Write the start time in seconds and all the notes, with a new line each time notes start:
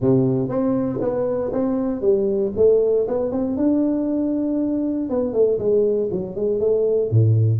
0.00 C3
0.48 C4
1.00 B3
1.52 C4
2.01 G3
2.56 A3
3.07 B3
3.31 C4
3.57 D4
5.09 B3
5.33 A3
5.58 G#3
6.11 F#3
6.35 G#3
6.60 A3
7.10 A2